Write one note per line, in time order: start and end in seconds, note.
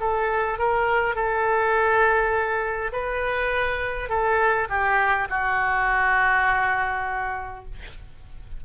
0.00 0.58 A4
0.58 1.15 A#4
1.15 2.91 A4
2.93 4.09 B4
4.09 4.68 A4
4.69 5.28 G4
5.29 7.65 F#4